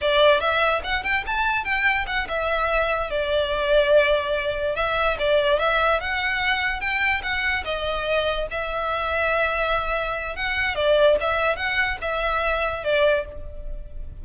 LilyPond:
\new Staff \with { instrumentName = "violin" } { \time 4/4 \tempo 4 = 145 d''4 e''4 fis''8 g''8 a''4 | g''4 fis''8 e''2 d''8~ | d''2.~ d''8 e''8~ | e''8 d''4 e''4 fis''4.~ |
fis''8 g''4 fis''4 dis''4.~ | dis''8 e''2.~ e''8~ | e''4 fis''4 d''4 e''4 | fis''4 e''2 d''4 | }